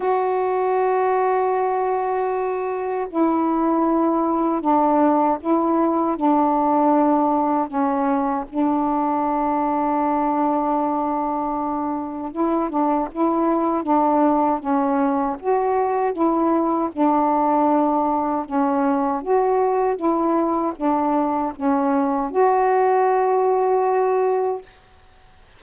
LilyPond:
\new Staff \with { instrumentName = "saxophone" } { \time 4/4 \tempo 4 = 78 fis'1 | e'2 d'4 e'4 | d'2 cis'4 d'4~ | d'1 |
e'8 d'8 e'4 d'4 cis'4 | fis'4 e'4 d'2 | cis'4 fis'4 e'4 d'4 | cis'4 fis'2. | }